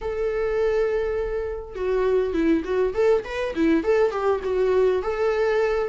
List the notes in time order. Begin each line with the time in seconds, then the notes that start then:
0.01 A4
1.75 F#4
2.33 E4
2.64 F#4
2.94 A4
3.24 B4
3.55 E4
3.83 A4
4.11 G4
4.43 F#4
5.02 A4